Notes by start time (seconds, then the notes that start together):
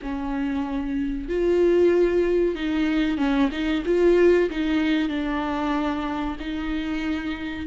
0.01 C#4
1.29 F4
2.55 D#4
3.17 C#4
3.51 D#4
3.85 F4
4.50 D#4
5.08 D4
6.39 D#4